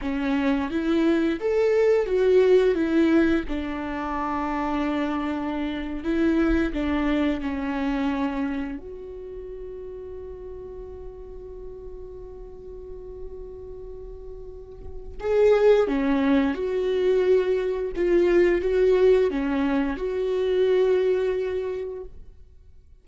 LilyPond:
\new Staff \with { instrumentName = "viola" } { \time 4/4 \tempo 4 = 87 cis'4 e'4 a'4 fis'4 | e'4 d'2.~ | d'8. e'4 d'4 cis'4~ cis'16~ | cis'8. fis'2.~ fis'16~ |
fis'1~ | fis'2 gis'4 cis'4 | fis'2 f'4 fis'4 | cis'4 fis'2. | }